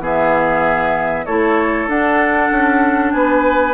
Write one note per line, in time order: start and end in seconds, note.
0.00 1.25 E3
0.00 1.27 B3
0.00 1.26 G#4
0.00 1.26 E5
1.26 1.88 A3
1.26 1.90 E4
1.26 3.13 A4
1.26 1.88 C#5
1.88 2.50 D4
1.88 3.74 D4
1.88 3.11 F#5
2.51 3.13 C#4
3.11 3.74 B3
3.11 3.74 B4
3.11 3.74 G#5